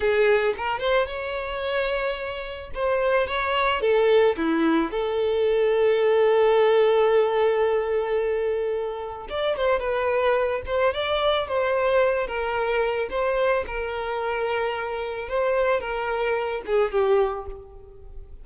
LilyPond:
\new Staff \with { instrumentName = "violin" } { \time 4/4 \tempo 4 = 110 gis'4 ais'8 c''8 cis''2~ | cis''4 c''4 cis''4 a'4 | e'4 a'2.~ | a'1~ |
a'4 d''8 c''8 b'4. c''8 | d''4 c''4. ais'4. | c''4 ais'2. | c''4 ais'4. gis'8 g'4 | }